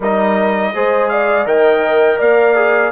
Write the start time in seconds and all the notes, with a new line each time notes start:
0.00 G3 D#4 A#4 D#5
0.74 G#3 G#4 C5
1.09 D5 F5
1.45 D#3 A#4 D#5 G5
2.18 A#3 D5 F5
2.55 G#4